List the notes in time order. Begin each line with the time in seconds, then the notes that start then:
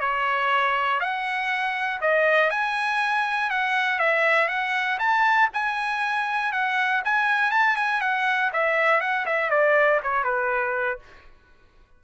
0.00 C#5
1.00 F#5
2.01 D#5
2.50 G#5
3.50 F#5
3.99 E5
4.48 F#5
4.99 A5
5.53 G#5
6.52 F#5
7.05 G#5
7.51 A5
7.76 G#5
8.01 F#5
8.53 E5
9.00 F#5
9.26 E5
9.50 D5
10.03 C#5
10.24 B4